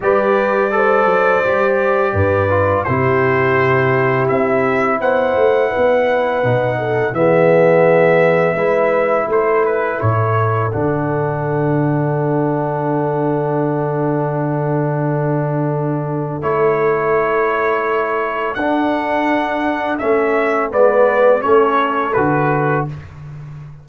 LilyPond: <<
  \new Staff \with { instrumentName = "trumpet" } { \time 4/4 \tempo 4 = 84 d''1 | c''2 e''4 fis''4~ | fis''2 e''2~ | e''4 c''8 b'8 cis''4 fis''4~ |
fis''1~ | fis''2. cis''4~ | cis''2 fis''2 | e''4 d''4 cis''4 b'4 | }
  \new Staff \with { instrumentName = "horn" } { \time 4/4 b'4 c''2 b'4 | g'2. c''4 | b'4. a'8 gis'2 | b'4 a'2.~ |
a'1~ | a'1~ | a'1~ | a'4 b'4 a'2 | }
  \new Staff \with { instrumentName = "trombone" } { \time 4/4 g'4 a'4 g'4. f'8 | e'1~ | e'4 dis'4 b2 | e'2. d'4~ |
d'1~ | d'2. e'4~ | e'2 d'2 | cis'4 b4 cis'4 fis'4 | }
  \new Staff \with { instrumentName = "tuba" } { \time 4/4 g4. fis8 g4 g,4 | c2 c'4 b8 a8 | b4 b,4 e2 | gis4 a4 a,4 d4~ |
d1~ | d2. a4~ | a2 d'2 | a4 gis4 a4 d4 | }
>>